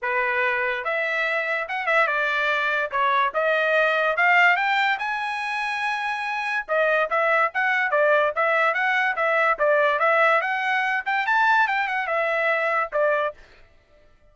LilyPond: \new Staff \with { instrumentName = "trumpet" } { \time 4/4 \tempo 4 = 144 b'2 e''2 | fis''8 e''8 d''2 cis''4 | dis''2 f''4 g''4 | gis''1 |
dis''4 e''4 fis''4 d''4 | e''4 fis''4 e''4 d''4 | e''4 fis''4. g''8 a''4 | g''8 fis''8 e''2 d''4 | }